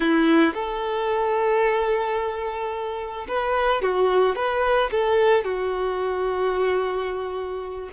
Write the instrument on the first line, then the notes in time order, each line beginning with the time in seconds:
violin
0.00 E4
0.54 A4
3.28 B4
3.82 F#4
4.35 B4
4.91 A4
5.44 F#4